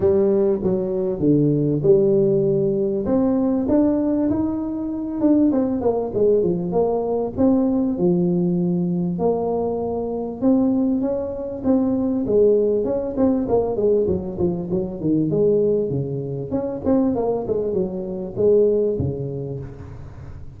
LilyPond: \new Staff \with { instrumentName = "tuba" } { \time 4/4 \tempo 4 = 98 g4 fis4 d4 g4~ | g4 c'4 d'4 dis'4~ | dis'8 d'8 c'8 ais8 gis8 f8 ais4 | c'4 f2 ais4~ |
ais4 c'4 cis'4 c'4 | gis4 cis'8 c'8 ais8 gis8 fis8 f8 | fis8 dis8 gis4 cis4 cis'8 c'8 | ais8 gis8 fis4 gis4 cis4 | }